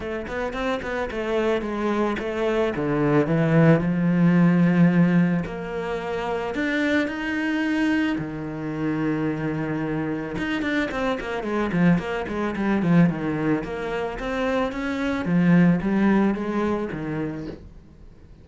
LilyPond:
\new Staff \with { instrumentName = "cello" } { \time 4/4 \tempo 4 = 110 a8 b8 c'8 b8 a4 gis4 | a4 d4 e4 f4~ | f2 ais2 | d'4 dis'2 dis4~ |
dis2. dis'8 d'8 | c'8 ais8 gis8 f8 ais8 gis8 g8 f8 | dis4 ais4 c'4 cis'4 | f4 g4 gis4 dis4 | }